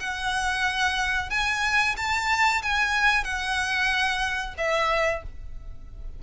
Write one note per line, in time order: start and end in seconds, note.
0.00 1.30 F#5
1.30 1.95 G#5
1.97 2.62 A5
2.63 3.24 G#5
3.24 4.54 F#5
4.58 5.23 E5